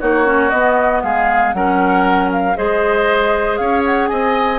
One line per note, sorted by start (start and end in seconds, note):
0.00 0.52 A#3
0.00 0.25 D#4
0.00 1.03 F#4
0.00 0.50 C#5
0.25 0.50 C#4
0.50 1.03 B3
0.50 1.54 B3
0.50 1.01 D#5
1.02 1.54 G#3
1.02 1.55 G#4
1.02 1.53 F5
1.53 2.56 F#3
1.53 2.55 C#4
1.53 2.57 A#4
1.53 2.30 F#5
2.32 2.56 F5
2.55 3.59 G#3
2.55 4.59 G#4
2.55 3.60 C5
2.55 3.57 D#5
3.57 4.10 C#4
3.57 4.09 C#5
3.57 3.82 F5
3.85 4.07 F#5
4.07 4.59 C4
4.07 4.59 D#5
4.07 4.59 G#5